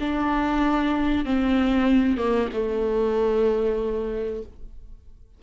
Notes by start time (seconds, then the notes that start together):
0.00 D4
1.25 C4
2.18 A#3
2.53 A3